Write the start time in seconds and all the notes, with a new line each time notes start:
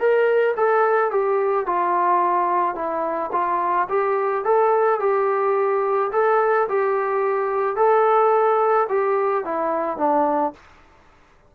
0.00 A#4
0.57 A4
1.11 G4
1.67 F4
2.75 E4
3.33 F4
3.89 G4
4.45 A4
5.00 G4
6.13 A4
6.69 G4
7.77 A4
8.89 G4
9.45 E4
9.98 D4